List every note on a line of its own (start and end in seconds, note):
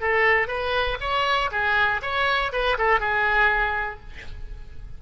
0.00 0.47 A4
0.47 0.97 B4
1.00 1.50 C#5
1.51 2.01 G#4
2.02 2.52 C#5
2.52 2.77 B4
2.77 3.00 A4
3.00 4.00 G#4